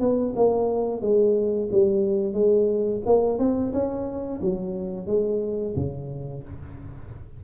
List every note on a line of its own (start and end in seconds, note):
0.00 0.34 B3
0.35 1.01 A#3
1.01 1.69 G#3
1.71 2.33 G3
2.33 3.00 G#3
3.05 3.38 A#3
3.38 3.72 C4
3.73 4.40 C#4
4.41 5.06 F#3
5.06 5.74 G#3
5.75 6.43 C#3